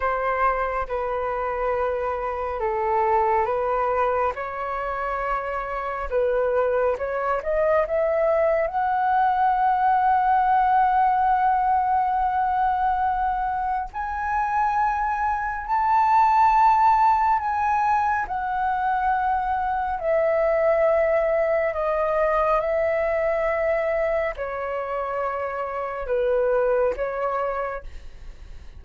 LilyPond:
\new Staff \with { instrumentName = "flute" } { \time 4/4 \tempo 4 = 69 c''4 b'2 a'4 | b'4 cis''2 b'4 | cis''8 dis''8 e''4 fis''2~ | fis''1 |
gis''2 a''2 | gis''4 fis''2 e''4~ | e''4 dis''4 e''2 | cis''2 b'4 cis''4 | }